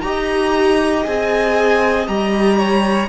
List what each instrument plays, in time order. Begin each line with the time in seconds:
0.00 cello D#4, viola G4, violin D#5 A#5
1.04 cello C4, viola G#4, violin G#5
2.07 cello G3, viola G4, violin A#5
2.58 violin C#5